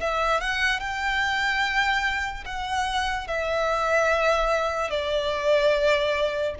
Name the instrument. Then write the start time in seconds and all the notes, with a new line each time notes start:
violin
0.00 E5
0.40 F#5
0.80 G5
2.45 F#5
3.27 E5
4.90 D5